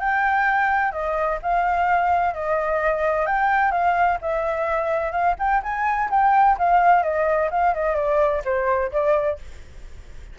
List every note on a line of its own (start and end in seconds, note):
0.00 0.92 G5
0.92 1.39 D#5
1.42 2.34 F5
2.34 3.26 D#5
3.26 3.72 G5
3.72 4.18 F5
4.21 5.12 E5
5.12 5.35 F5
5.39 5.62 G5
5.63 6.10 G#5
6.10 6.57 G5
6.58 7.03 F5
7.03 7.50 D#5
7.51 7.74 F5
7.74 7.96 D#5
7.96 8.42 D5
8.45 8.92 C5
8.92 9.39 D5